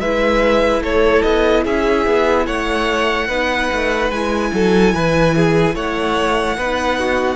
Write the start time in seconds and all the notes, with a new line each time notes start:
0.00 G#3 E4 B4 E5
0.81 A3 A4 C#5
1.22 B3 D#5
1.65 C#4 G#4 E5
2.06 B3
2.46 A3 C#5 F#5
3.28 B3 D#4 B4
3.72 A3
4.10 G#3 E4 G#5
4.53 F#3 A4
4.94 E3 B4
5.36 G#4
5.75 A3 C#5 F#5
6.57 B3 D#4 B4
6.99 F#4